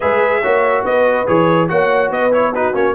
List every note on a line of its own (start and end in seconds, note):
0.00 0.45 G#3
0.00 0.43 G#4
0.00 0.41 B4
0.00 0.85 E5
0.41 0.83 A#3
0.41 1.26 F#4
0.41 0.83 C#5
0.83 1.26 B3
0.83 1.70 B4
0.83 1.27 D#5
1.26 1.70 E3
1.26 1.68 G#4
1.26 1.69 C#5
1.68 2.10 A#3
1.68 2.31 F#4
1.68 2.11 C#5
1.68 2.11 F#5
2.10 2.73 B3
2.10 2.53 B4
2.10 2.33 D#5
2.31 2.52 E4
2.31 2.54 C#5
2.54 2.73 D#4
2.54 2.94 F#4
2.54 2.75 B4
2.73 2.94 A#3
2.73 2.94 C#4
2.73 2.94 C#5